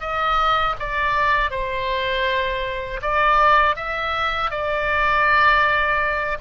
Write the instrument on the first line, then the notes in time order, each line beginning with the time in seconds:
oboe
0.00 D#5
0.79 D5
1.51 C5
3.02 D5
3.76 E5
4.50 D5